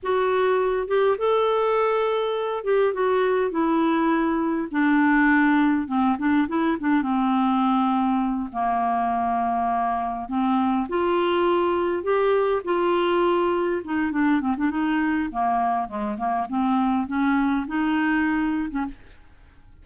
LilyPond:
\new Staff \with { instrumentName = "clarinet" } { \time 4/4 \tempo 4 = 102 fis'4. g'8 a'2~ | a'8 g'8 fis'4 e'2 | d'2 c'8 d'8 e'8 d'8 | c'2~ c'8 ais4.~ |
ais4. c'4 f'4.~ | f'8 g'4 f'2 dis'8 | d'8 c'16 d'16 dis'4 ais4 gis8 ais8 | c'4 cis'4 dis'4.~ dis'16 cis'16 | }